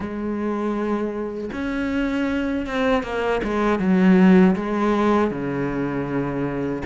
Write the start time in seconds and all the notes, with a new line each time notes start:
0.00 G#3
1.52 C#4
2.66 C4
3.03 A#3
3.43 G#3
3.79 F#3
4.55 G#3
5.30 C#3